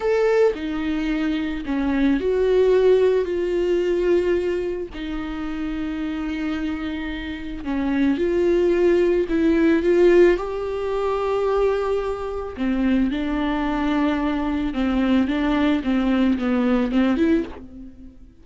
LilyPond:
\new Staff \with { instrumentName = "viola" } { \time 4/4 \tempo 4 = 110 a'4 dis'2 cis'4 | fis'2 f'2~ | f'4 dis'2.~ | dis'2 cis'4 f'4~ |
f'4 e'4 f'4 g'4~ | g'2. c'4 | d'2. c'4 | d'4 c'4 b4 c'8 e'8 | }